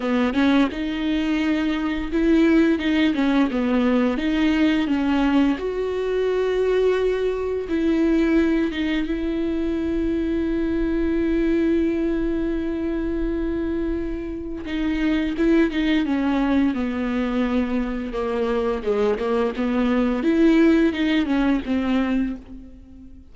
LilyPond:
\new Staff \with { instrumentName = "viola" } { \time 4/4 \tempo 4 = 86 b8 cis'8 dis'2 e'4 | dis'8 cis'8 b4 dis'4 cis'4 | fis'2. e'4~ | e'8 dis'8 e'2.~ |
e'1~ | e'4 dis'4 e'8 dis'8 cis'4 | b2 ais4 gis8 ais8 | b4 e'4 dis'8 cis'8 c'4 | }